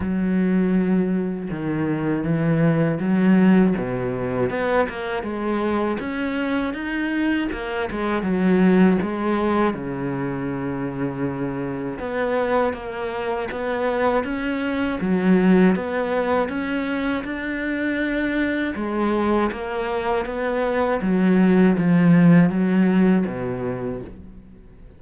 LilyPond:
\new Staff \with { instrumentName = "cello" } { \time 4/4 \tempo 4 = 80 fis2 dis4 e4 | fis4 b,4 b8 ais8 gis4 | cis'4 dis'4 ais8 gis8 fis4 | gis4 cis2. |
b4 ais4 b4 cis'4 | fis4 b4 cis'4 d'4~ | d'4 gis4 ais4 b4 | fis4 f4 fis4 b,4 | }